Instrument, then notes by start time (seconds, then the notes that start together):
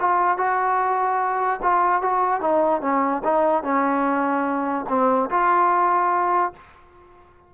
trombone
0.00 F4
0.38 F#4
1.62 F4
2.02 F#4
2.41 D#4
2.81 C#4
3.24 D#4
3.63 C#4
4.88 C4
5.30 F4